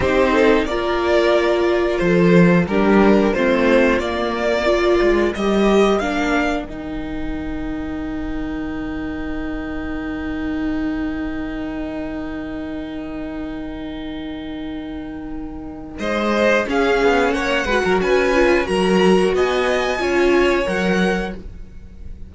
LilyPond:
<<
  \new Staff \with { instrumentName = "violin" } { \time 4/4 \tempo 4 = 90 c''4 d''2 c''4 | ais'4 c''4 d''2 | dis''4 f''4 g''2~ | g''1~ |
g''1~ | g''1 | dis''4 f''4 fis''4 gis''4 | ais''4 gis''2 fis''4 | }
  \new Staff \with { instrumentName = "violin" } { \time 4/4 g'8 a'8 ais'2 a'4 | g'4 f'2 ais'4~ | ais'1~ | ais'1~ |
ais'1~ | ais'1 | c''4 gis'4 cis''8 b'16 ais'16 b'4 | ais'4 dis''4 cis''2 | }
  \new Staff \with { instrumentName = "viola" } { \time 4/4 dis'4 f'2. | d'4 c'4 ais4 f'4 | g'4 d'4 dis'2~ | dis'1~ |
dis'1~ | dis'1~ | dis'4 cis'4. fis'4 f'8 | fis'2 f'4 ais'4 | }
  \new Staff \with { instrumentName = "cello" } { \time 4/4 c'4 ais2 f4 | g4 a4 ais4. gis8 | g4 ais4 dis2~ | dis1~ |
dis1~ | dis1 | gis4 cis'8 b8 ais8 gis16 fis16 cis'4 | fis4 b4 cis'4 fis4 | }
>>